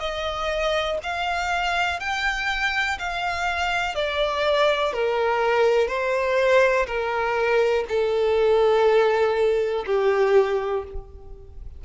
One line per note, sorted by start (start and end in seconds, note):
0.00 0.98 D#5
1.03 2.00 F5
2.00 2.98 G5
2.99 3.95 F5
3.95 4.93 D5
4.93 5.87 A#4
5.87 6.86 C5
6.86 7.85 A#4
7.88 9.85 A4
9.86 10.84 G4